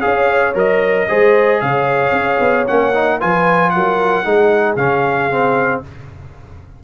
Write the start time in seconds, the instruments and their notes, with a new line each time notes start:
0.00 tuba C#4, trombone G#4, horn C#5, trumpet F5
0.54 tuba F#3, trombone A#4, trumpet D#5
1.08 tuba G#3, trombone G#4, horn C5
1.61 tuba C#3, horn C#5, trumpet F5
2.12 tuba C#4
2.39 tuba B3
2.67 tuba A#3, trombone C#4, trumpet F#5
2.94 trombone D#4
3.18 tuba F3, trombone F4, horn B4, trumpet G#5
3.70 tuba F#3, horn A#4, trumpet F#5
4.24 tuba G#3, trombone D#4, horn G#4
4.76 tuba C#3, trombone C#4, trumpet F5
5.31 trombone C4